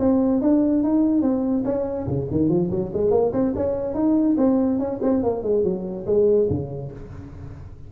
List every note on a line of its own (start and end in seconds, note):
0.00 0.42 C4
0.42 0.84 D4
0.84 1.22 D#4
1.22 1.64 C4
1.65 2.07 C#4
2.07 2.28 C#3
2.31 2.49 D#3
2.49 2.70 F3
2.71 2.92 F#3
2.94 3.11 G#3
3.11 3.32 A#3
3.33 3.54 C4
3.56 3.94 C#4
3.94 4.36 D#4
4.38 4.79 C4
4.79 5.00 C#4
5.02 5.23 C4
5.23 5.43 A#3
5.43 5.64 G#3
5.64 6.06 F#3
6.06 6.48 G#3
6.50 6.92 C#3